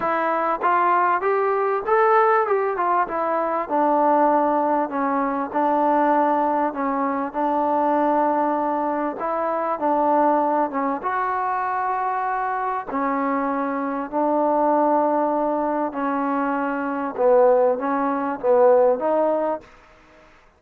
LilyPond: \new Staff \with { instrumentName = "trombone" } { \time 4/4 \tempo 4 = 98 e'4 f'4 g'4 a'4 | g'8 f'8 e'4 d'2 | cis'4 d'2 cis'4 | d'2. e'4 |
d'4. cis'8 fis'2~ | fis'4 cis'2 d'4~ | d'2 cis'2 | b4 cis'4 b4 dis'4 | }